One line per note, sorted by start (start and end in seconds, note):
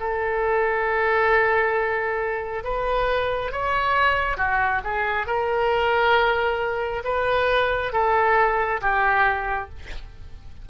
0.00 2.64 A4
2.64 3.52 B4
3.52 4.37 C#5
4.37 4.81 F#4
4.84 5.27 G#4
5.27 7.03 A#4
7.04 7.93 B4
7.93 8.81 A4
8.81 9.69 G4